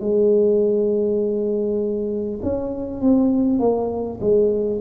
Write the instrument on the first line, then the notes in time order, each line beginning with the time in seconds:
tuba
0.00 G#3
2.42 C#4
3.01 C4
3.59 A#3
4.20 G#3